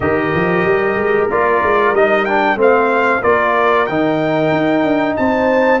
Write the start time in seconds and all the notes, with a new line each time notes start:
0.00 D#3 G4 A#4 D#5
0.34 F3
0.65 G3
0.95 G#3
1.29 A#3 F4 D5
1.62 G#3
1.92 G3 D#4 D#5
2.25 D4 G5
2.56 A3 C4 C5 F5
3.21 A#3 F4 A#4 D5
3.86 D#3 D#4 G5
4.51 D#4
4.83 D4
5.16 C4 C5 A5